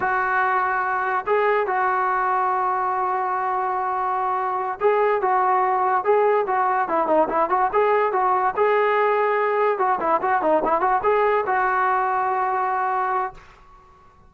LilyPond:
\new Staff \with { instrumentName = "trombone" } { \time 4/4 \tempo 4 = 144 fis'2. gis'4 | fis'1~ | fis'2.~ fis'8 gis'8~ | gis'8 fis'2 gis'4 fis'8~ |
fis'8 e'8 dis'8 e'8 fis'8 gis'4 fis'8~ | fis'8 gis'2. fis'8 | e'8 fis'8 dis'8 e'8 fis'8 gis'4 fis'8~ | fis'1 | }